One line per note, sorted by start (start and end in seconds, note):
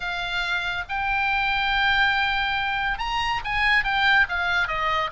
0.00 0.84 F5
0.88 2.98 G5
2.98 3.40 A#5
3.44 3.83 G#5
3.83 4.26 G5
4.28 4.67 F5
4.67 5.10 D#5